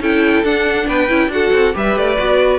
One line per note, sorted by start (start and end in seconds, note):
0.00 0.43 C#4
0.00 0.45 E4
0.00 0.87 A4
0.00 0.45 G5
0.44 0.87 D4
0.44 1.09 D4
0.44 0.88 F#5
0.87 1.09 B3
0.87 1.31 B4
0.87 1.31 G5
1.09 1.28 C#4
1.09 1.31 E4
1.28 1.50 D4
1.28 1.74 F#4
1.28 1.75 A4
1.28 1.75 F#5
1.53 1.75 C4
1.74 1.96 G3
1.74 2.17 G4
1.74 2.59 B4
1.74 1.99 E5
1.96 2.18 A3
1.96 2.59 D5
2.18 2.59 B3
2.18 2.59 F#4